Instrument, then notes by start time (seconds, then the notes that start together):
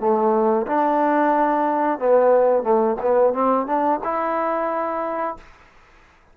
trombone
0.00 A3
0.67 D4
1.99 B3
2.63 A3
3.02 B3
3.34 C4
3.67 D4
4.04 E4